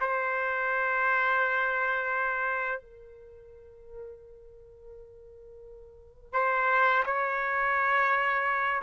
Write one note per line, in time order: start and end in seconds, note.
0.00 2.81 C5
2.81 6.32 A#4
6.32 7.03 C5
7.05 8.81 C#5